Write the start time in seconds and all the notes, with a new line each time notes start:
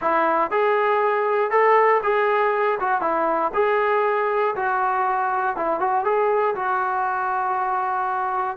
0.01 E4
0.50 G#4
1.50 A4
2.03 G#4
2.80 F#4
3.01 E4
3.54 G#4
4.55 F#4
5.56 E4
5.80 F#4
6.04 G#4
6.55 F#4